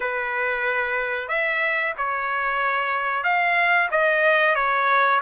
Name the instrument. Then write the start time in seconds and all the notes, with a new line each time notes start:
trumpet
0.00 B4
1.28 E5
1.97 C#5
3.23 F5
3.91 D#5
4.55 C#5